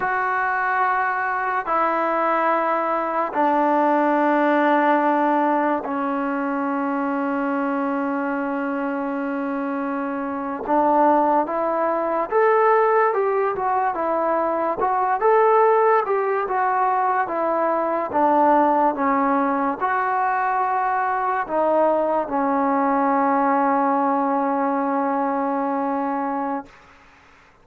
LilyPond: \new Staff \with { instrumentName = "trombone" } { \time 4/4 \tempo 4 = 72 fis'2 e'2 | d'2. cis'4~ | cis'1~ | cis'8. d'4 e'4 a'4 g'16~ |
g'16 fis'8 e'4 fis'8 a'4 g'8 fis'16~ | fis'8. e'4 d'4 cis'4 fis'16~ | fis'4.~ fis'16 dis'4 cis'4~ cis'16~ | cis'1 | }